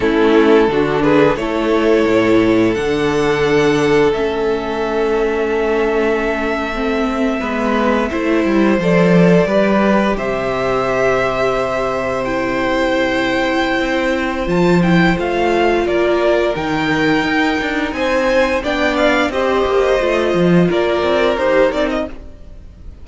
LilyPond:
<<
  \new Staff \with { instrumentName = "violin" } { \time 4/4 \tempo 4 = 87 a'4. b'8 cis''2 | fis''2 e''2~ | e''1~ | e''8. d''2 e''4~ e''16~ |
e''4.~ e''16 g''2~ g''16~ | g''4 a''8 g''8 f''4 d''4 | g''2 gis''4 g''8 f''8 | dis''2 d''4 c''8 d''16 dis''16 | }
  \new Staff \with { instrumentName = "violin" } { \time 4/4 e'4 fis'8 gis'8 a'2~ | a'1~ | a'2~ a'8. b'4 c''16~ | c''4.~ c''16 b'4 c''4~ c''16~ |
c''1~ | c''2. ais'4~ | ais'2 c''4 d''4 | c''2 ais'2 | }
  \new Staff \with { instrumentName = "viola" } { \time 4/4 cis'4 d'4 e'2 | d'2 cis'2~ | cis'4.~ cis'16 c'4 b4 e'16~ | e'8. a'4 g'2~ g'16~ |
g'4.~ g'16 e'2~ e'16~ | e'4 f'8 e'8 f'2 | dis'2. d'4 | g'4 f'2 g'8 dis'8 | }
  \new Staff \with { instrumentName = "cello" } { \time 4/4 a4 d4 a4 a,4 | d2 a2~ | a2~ a8. gis4 a16~ | a16 g8 f4 g4 c4~ c16~ |
c1 | c'4 f4 a4 ais4 | dis4 dis'8 d'8 c'4 b4 | c'8 ais8 a8 f8 ais8 c'8 dis'8 c'8 | }
>>